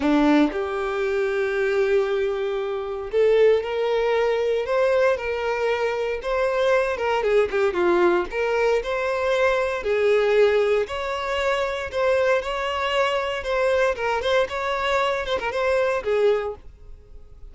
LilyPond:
\new Staff \with { instrumentName = "violin" } { \time 4/4 \tempo 4 = 116 d'4 g'2.~ | g'2 a'4 ais'4~ | ais'4 c''4 ais'2 | c''4. ais'8 gis'8 g'8 f'4 |
ais'4 c''2 gis'4~ | gis'4 cis''2 c''4 | cis''2 c''4 ais'8 c''8 | cis''4. c''16 ais'16 c''4 gis'4 | }